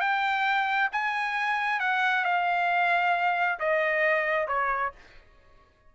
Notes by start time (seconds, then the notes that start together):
0.00 G5
0.92 G#5
1.80 F#5
2.24 F5
3.59 D#5
4.47 C#5